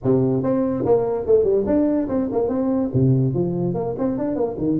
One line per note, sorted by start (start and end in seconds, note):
0.03 0.43 C3
0.43 0.84 C4
0.85 1.26 A#3
1.26 1.43 A3
1.43 1.64 G3
1.66 2.08 D4
2.08 2.29 C4
2.32 2.48 A#3
2.48 2.90 C4
2.93 3.34 C3
3.34 3.74 F3
3.74 3.95 A#3
3.98 4.18 C4
4.18 4.35 D4
4.35 4.56 A#3
4.58 4.79 D#3